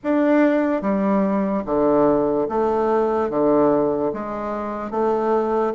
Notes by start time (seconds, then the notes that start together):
0.03 D4
0.81 G3
1.65 D3
2.48 A3
3.30 D3
4.13 G#3
4.91 A3